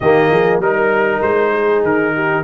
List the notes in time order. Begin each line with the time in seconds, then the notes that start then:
0.00 D#3 A#3 G4 D#5
0.30 F3 G#4
0.58 G3 D#4 A#4
1.22 G#3 C5
1.52 G#4
1.83 D#3 A#4
2.14 G4